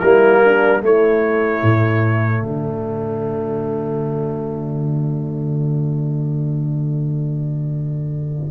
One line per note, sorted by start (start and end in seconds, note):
0.00 0.82 G3
0.00 0.82 A#3
0.00 0.41 E4
0.00 0.81 A#4
0.44 0.84 D4
0.82 1.62 A3
0.82 8.51 A3
0.82 2.43 E4
0.82 2.45 C#5
1.62 2.43 A2
2.43 8.51 D3
2.43 8.51 F#4
2.43 8.51 D5